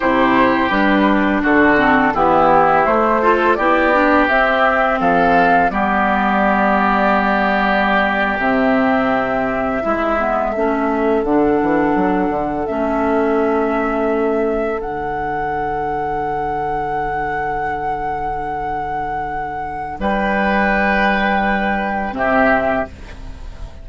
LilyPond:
<<
  \new Staff \with { instrumentName = "flute" } { \time 4/4 \tempo 4 = 84 c''4 b'4 a'4 g'4 | c''4 d''4 e''4 f''4 | d''2.~ d''8. e''16~ | e''2.~ e''8. fis''16~ |
fis''4.~ fis''16 e''2~ e''16~ | e''8. fis''2.~ fis''16~ | fis''1 | g''2. e''4 | }
  \new Staff \with { instrumentName = "oboe" } { \time 4/4 g'2 fis'4 e'4~ | e'8 a'8 g'2 a'4 | g'1~ | g'4.~ g'16 e'4 a'4~ a'16~ |
a'1~ | a'1~ | a'1 | b'2. g'4 | }
  \new Staff \with { instrumentName = "clarinet" } { \time 4/4 e'4 d'4. c'8 b4 | a8 f'8 e'8 d'8 c'2 | b2.~ b8. c'16~ | c'4.~ c'16 e'8 b8 cis'4 d'16~ |
d'4.~ d'16 cis'2~ cis'16~ | cis'8. d'2.~ d'16~ | d'1~ | d'2. c'4 | }
  \new Staff \with { instrumentName = "bassoon" } { \time 4/4 c4 g4 d4 e4 | a4 b4 c'4 f4 | g2.~ g8. c16~ | c4.~ c16 gis4 a4 d16~ |
d16 e8 fis8 d8 a2~ a16~ | a8. d2.~ d16~ | d1 | g2. c4 | }
>>